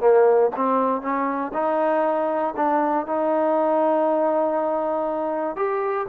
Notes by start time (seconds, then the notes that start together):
0.00 A#3
0.56 C4
1.02 C#4
1.54 D#4
2.56 D4
3.07 D#4
5.56 G4